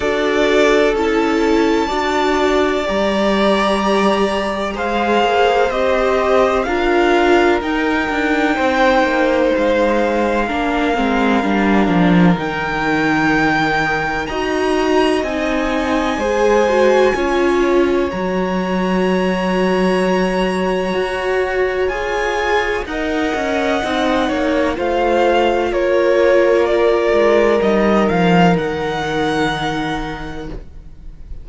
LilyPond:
<<
  \new Staff \with { instrumentName = "violin" } { \time 4/4 \tempo 4 = 63 d''4 a''2 ais''4~ | ais''4 f''4 dis''4 f''4 | g''2 f''2~ | f''4 g''2 ais''4 |
gis''2. ais''4~ | ais''2. gis''4 | fis''2 f''4 cis''4 | d''4 dis''8 f''8 fis''2 | }
  \new Staff \with { instrumentName = "violin" } { \time 4/4 a'2 d''2~ | d''4 c''2 ais'4~ | ais'4 c''2 ais'4~ | ais'2. dis''4~ |
dis''4 c''4 cis''2~ | cis''1 | dis''4. cis''8 c''4 ais'4~ | ais'1 | }
  \new Staff \with { instrumentName = "viola" } { \time 4/4 fis'4 e'4 fis'4 g'4~ | g'4 gis'4 g'4 f'4 | dis'2. d'8 c'8 | d'4 dis'2 fis'4 |
dis'4 gis'8 fis'8 f'4 fis'4~ | fis'2. gis'4 | ais'4 dis'4 f'2~ | f'4 dis'2. | }
  \new Staff \with { instrumentName = "cello" } { \time 4/4 d'4 cis'4 d'4 g4~ | g4 gis8 ais8 c'4 d'4 | dis'8 d'8 c'8 ais8 gis4 ais8 gis8 | g8 f8 dis2 dis'4 |
c'4 gis4 cis'4 fis4~ | fis2 fis'4 f'4 | dis'8 cis'8 c'8 ais8 a4 ais4~ | ais8 gis8 g8 f8 dis2 | }
>>